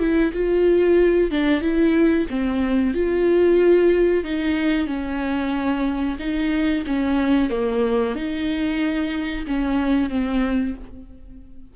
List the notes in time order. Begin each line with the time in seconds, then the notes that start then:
0.00 E4
0.34 F4
1.31 D4
1.62 E4
2.30 C4
2.94 F4
4.25 D#4
4.87 C#4
6.20 D#4
6.87 C#4
7.50 A#3
8.16 D#4
9.47 C#4
10.10 C4